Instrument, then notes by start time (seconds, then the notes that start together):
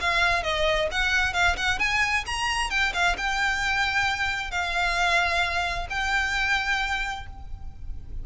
violin
0.00 F5
0.43 D#5
0.91 F#5
1.33 F5
1.56 F#5
1.79 G#5
2.26 A#5
2.70 G5
2.93 F5
3.17 G5
4.51 F5
5.89 G5